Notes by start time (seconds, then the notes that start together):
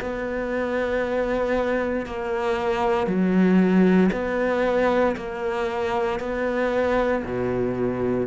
0.00 B3
2.06 A#3
3.07 F#3
4.12 B3
5.16 A#3
6.20 B3
7.25 B2